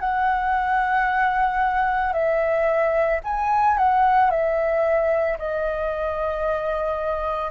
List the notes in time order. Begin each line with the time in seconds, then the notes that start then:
0.00 F#5
2.13 E5
3.24 G#5
3.77 F#5
4.31 E5
5.38 D#5